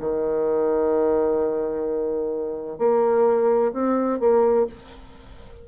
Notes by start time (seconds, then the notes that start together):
0.00 D#3
2.78 A#3
3.72 C4
4.19 A#3